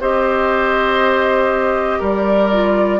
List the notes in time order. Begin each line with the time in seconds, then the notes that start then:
0.00 C4 G4 C5 D#5
1.99 G3 A#4 D5
2.51 F4